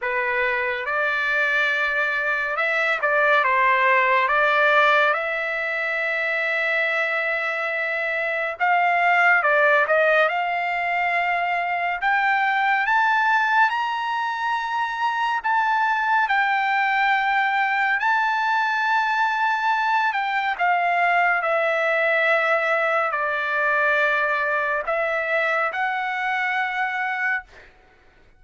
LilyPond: \new Staff \with { instrumentName = "trumpet" } { \time 4/4 \tempo 4 = 70 b'4 d''2 e''8 d''8 | c''4 d''4 e''2~ | e''2 f''4 d''8 dis''8 | f''2 g''4 a''4 |
ais''2 a''4 g''4~ | g''4 a''2~ a''8 g''8 | f''4 e''2 d''4~ | d''4 e''4 fis''2 | }